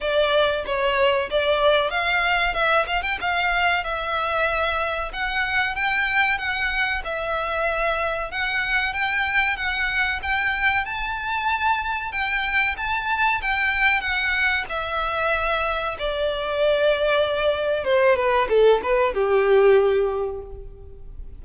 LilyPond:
\new Staff \with { instrumentName = "violin" } { \time 4/4 \tempo 4 = 94 d''4 cis''4 d''4 f''4 | e''8 f''16 g''16 f''4 e''2 | fis''4 g''4 fis''4 e''4~ | e''4 fis''4 g''4 fis''4 |
g''4 a''2 g''4 | a''4 g''4 fis''4 e''4~ | e''4 d''2. | c''8 b'8 a'8 b'8 g'2 | }